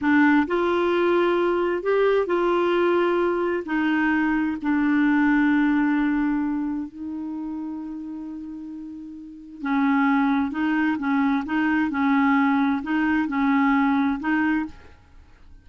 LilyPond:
\new Staff \with { instrumentName = "clarinet" } { \time 4/4 \tempo 4 = 131 d'4 f'2. | g'4 f'2. | dis'2 d'2~ | d'2. dis'4~ |
dis'1~ | dis'4 cis'2 dis'4 | cis'4 dis'4 cis'2 | dis'4 cis'2 dis'4 | }